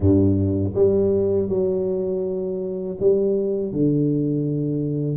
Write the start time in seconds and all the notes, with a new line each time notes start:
0.00 G2
0.74 G3
1.48 F#3
3.00 G3
3.72 D3